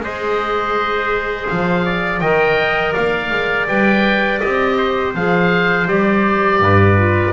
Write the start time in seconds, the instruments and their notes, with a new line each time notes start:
0.00 double bass G#3, clarinet G#4, trumpet C5, oboe D#5
1.48 double bass F3, oboe F5
1.86 trumpet D5
2.20 double bass D#3, clarinet A#4, trumpet D#5, oboe G5
2.93 double bass A#3, trumpet D5, oboe F5
3.31 double bass G#3
3.68 double bass G3, clarinet B4, oboe G5
4.40 double bass C4, clarinet G4, oboe D#5
4.78 trumpet C5
5.15 double bass F3, clarinet G#4, oboe F5
5.87 double bass G3, clarinet G4, oboe D5
6.60 double bass G2, trumpet B4
6.97 clarinet F4